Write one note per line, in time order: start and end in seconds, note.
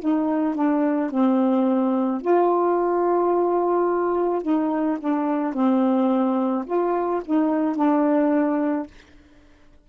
0.00 0.55 D#4
0.55 1.10 D4
1.10 2.21 C4
2.21 4.42 F4
4.42 4.98 D#4
4.99 5.54 D4
5.54 6.65 C4
6.66 7.22 F4
7.25 7.76 D#4
7.76 8.87 D4